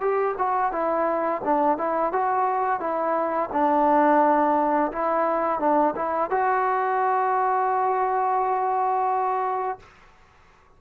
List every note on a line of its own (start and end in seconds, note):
0.00 0.35 G4
0.37 0.72 F#4
0.72 1.41 E4
1.44 1.77 D4
1.77 2.12 E4
2.12 2.79 F#4
2.79 3.49 E4
3.52 4.92 D4
4.92 5.59 E4
5.59 5.94 D4
5.95 6.30 E4
6.30 9.79 F#4